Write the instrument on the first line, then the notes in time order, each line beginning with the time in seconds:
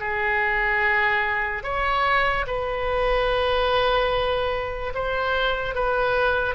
oboe
0.00 G#4
1.64 C#5
2.47 B4
4.95 C5
5.75 B4